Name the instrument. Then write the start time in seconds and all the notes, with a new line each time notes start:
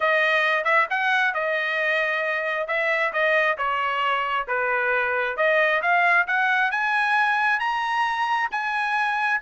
trumpet
0.00 D#5
0.64 E5
0.90 F#5
1.34 D#5
2.67 E5
3.12 D#5
3.57 C#5
4.47 B4
5.36 D#5
5.82 F5
6.27 F#5
6.71 G#5
7.59 A#5
8.51 G#5